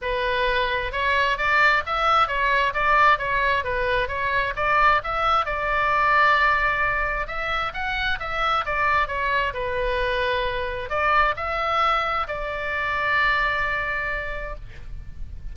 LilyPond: \new Staff \with { instrumentName = "oboe" } { \time 4/4 \tempo 4 = 132 b'2 cis''4 d''4 | e''4 cis''4 d''4 cis''4 | b'4 cis''4 d''4 e''4 | d''1 |
e''4 fis''4 e''4 d''4 | cis''4 b'2. | d''4 e''2 d''4~ | d''1 | }